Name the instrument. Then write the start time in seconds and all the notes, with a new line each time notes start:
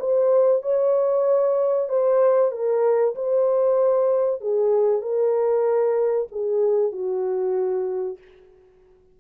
horn
0.00 C5
0.63 C#5
1.89 C5
2.52 A#4
3.16 C5
4.41 G#4
5.02 A#4
6.32 G#4
6.92 F#4